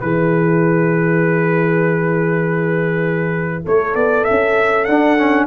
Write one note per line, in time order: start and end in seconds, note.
0.00 3.66 E3
0.00 4.87 E4
0.00 3.64 G#4
0.00 3.64 B4
3.64 3.95 A3
3.64 5.46 A4
3.64 3.95 C#5
3.95 4.25 B3
3.95 4.24 D5
4.24 4.84 E5
4.30 4.87 C#4
4.84 5.17 D4
4.84 5.46 D4
4.84 5.45 F#5
5.17 5.46 C#4